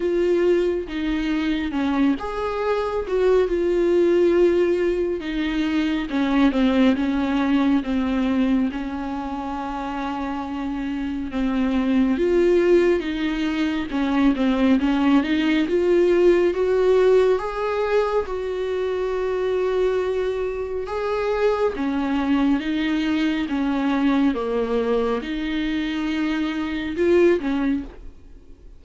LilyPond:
\new Staff \with { instrumentName = "viola" } { \time 4/4 \tempo 4 = 69 f'4 dis'4 cis'8 gis'4 fis'8 | f'2 dis'4 cis'8 c'8 | cis'4 c'4 cis'2~ | cis'4 c'4 f'4 dis'4 |
cis'8 c'8 cis'8 dis'8 f'4 fis'4 | gis'4 fis'2. | gis'4 cis'4 dis'4 cis'4 | ais4 dis'2 f'8 cis'8 | }